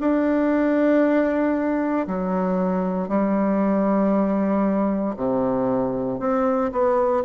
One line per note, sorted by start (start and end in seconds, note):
0.00 2.07 D4
2.07 3.09 F#3
3.09 5.16 G3
5.16 6.20 C3
6.20 6.71 C4
6.72 7.24 B3